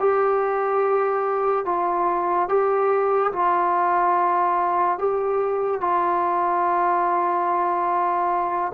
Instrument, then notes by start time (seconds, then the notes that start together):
trombone
0.00 G4
1.66 F4
2.49 G4
3.33 F4
4.99 G4
5.81 F4